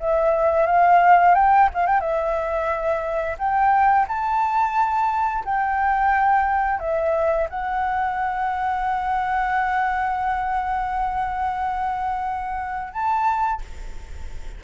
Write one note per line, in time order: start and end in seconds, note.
0.00 0.67 E5
0.67 1.35 F5
1.35 1.70 G5
1.74 1.87 F5
1.87 2.01 G5
2.01 3.37 E5
3.39 4.07 G5
4.08 5.45 A5
5.45 6.80 G5
6.80 7.48 E5
7.50 12.93 F#5
12.93 13.61 A5